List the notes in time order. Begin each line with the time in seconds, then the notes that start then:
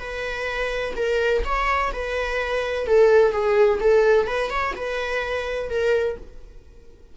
0.00 B4
0.97 A#4
1.45 C#5
1.93 B4
2.87 A4
3.32 G#4
3.81 A4
4.28 B4
4.51 C#5
4.77 B4
5.70 A#4